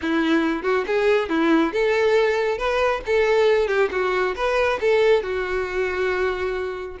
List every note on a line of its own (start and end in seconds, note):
0.01 0.62 E4
0.62 0.84 F#4
0.86 1.29 G#4
1.29 1.72 E4
1.72 2.58 A4
2.58 3.01 B4
3.06 3.67 A4
3.67 3.89 G4
3.91 4.35 F#4
4.35 4.79 B4
4.80 5.23 A4
5.23 6.96 F#4